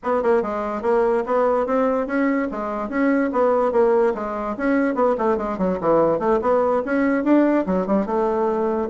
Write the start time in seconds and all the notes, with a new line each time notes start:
0.03 B3
0.22 A#3
0.42 G#3
0.82 A#3
1.26 B3
1.66 C4
2.06 C#4
2.51 G#3
2.89 C#4
3.32 B3
3.72 A#3
4.14 G#3
4.57 C#4
4.94 B3
5.18 A3
5.37 G#3
5.57 F#3
5.80 E3
6.19 A3
6.41 B3
6.85 C#4
7.24 D4
7.66 F#3
7.86 G3
8.06 A3